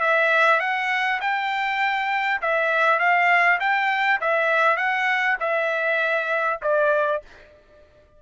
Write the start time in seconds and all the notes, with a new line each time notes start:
0.00 E5
0.59 F#5
1.21 G5
2.41 E5
2.99 F5
3.59 G5
4.21 E5
4.76 F#5
5.40 E5
6.62 D5